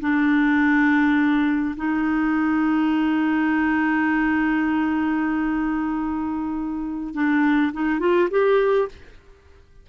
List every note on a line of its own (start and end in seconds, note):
0.00 1.75 D4
1.76 7.14 D#4
7.14 7.72 D4
7.73 7.99 D#4
7.99 8.29 F4
8.30 8.88 G4